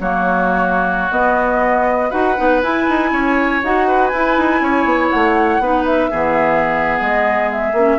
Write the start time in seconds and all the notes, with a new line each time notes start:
0.00 F#3 A#3 F#4 C#5
1.11 B3 D#5
2.10 D#4 F#4 B4 F#5
2.37 B3 D#4
2.62 E4 G#5
2.89 D#4
3.12 C#4 C#5
3.64 D#4 F#4 F#5
3.88 B4
4.08 E4 G#5
4.38 D#4
4.61 C#4 C#5
4.85 B3
5.10 A3 F#5
5.60 B3 D#4 B4
5.86 E5
6.10 E3 B3 G#4
7.01 G#3 D#5
7.51 E5
7.73 A#3 C#4